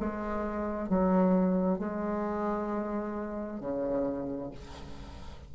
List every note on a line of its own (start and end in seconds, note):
0.00 0.89 G#3
0.89 1.79 F#3
1.79 3.60 G#3
3.60 4.51 C#3